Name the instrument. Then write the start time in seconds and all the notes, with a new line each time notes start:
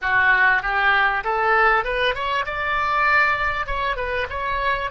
oboe
0.01 F#4
0.62 G4
1.24 A4
1.84 B4
2.14 C#5
2.45 D5
3.66 C#5
3.96 B4
4.29 C#5